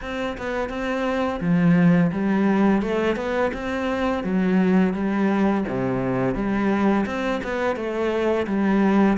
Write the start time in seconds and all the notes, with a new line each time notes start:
0.01 C4
0.37 B3
0.69 C4
1.40 F3
2.11 G3
2.82 A3
3.16 B3
3.53 C4
4.24 F#3
4.93 G3
5.68 C3
6.34 G3
7.06 C4
7.43 B3
7.76 A3
8.46 G3